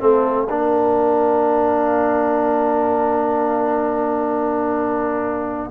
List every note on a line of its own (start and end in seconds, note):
0.00 0.50 A3
0.00 0.48 C4
0.00 0.49 A4
0.00 5.71 F5
0.50 5.71 A#3
0.50 5.71 D4
0.50 5.71 A#4